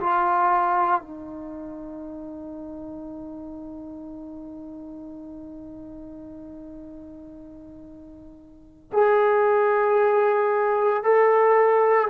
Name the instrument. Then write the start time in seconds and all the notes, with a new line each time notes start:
trombone
0.00 F4
1.01 D#4
8.93 G#4
11.03 A4